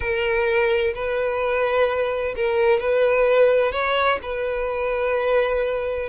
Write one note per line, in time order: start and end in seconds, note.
0.00 0.93 A#4
0.94 2.35 B4
2.35 2.80 A#4
2.80 3.72 B4
3.72 4.18 C#5
4.22 6.09 B4